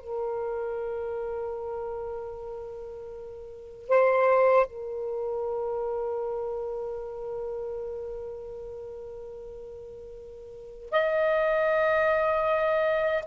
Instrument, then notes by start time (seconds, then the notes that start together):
saxophone
0.00 A#4
3.88 C5
4.66 A#4
10.91 D#5